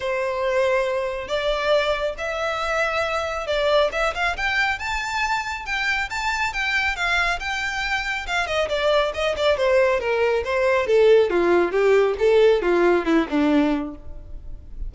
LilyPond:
\new Staff \with { instrumentName = "violin" } { \time 4/4 \tempo 4 = 138 c''2. d''4~ | d''4 e''2. | d''4 e''8 f''8 g''4 a''4~ | a''4 g''4 a''4 g''4 |
f''4 g''2 f''8 dis''8 | d''4 dis''8 d''8 c''4 ais'4 | c''4 a'4 f'4 g'4 | a'4 f'4 e'8 d'4. | }